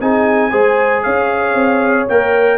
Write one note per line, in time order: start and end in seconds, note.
0.00 0.52 C4
0.00 0.50 D#4
0.00 0.51 G#4
0.00 1.03 G#5
0.50 1.04 G#3
0.50 2.07 G#4
0.50 1.03 C5
1.03 1.54 C#4
1.03 2.58 C#5
1.03 2.07 F5
1.54 2.06 C4
2.08 2.58 A#3
2.08 2.58 A#4
2.08 2.58 G5